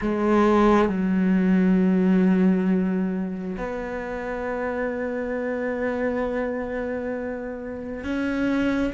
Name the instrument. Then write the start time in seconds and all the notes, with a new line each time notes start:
cello
0.01 G#3
0.88 F#3
3.57 B3
8.04 C#4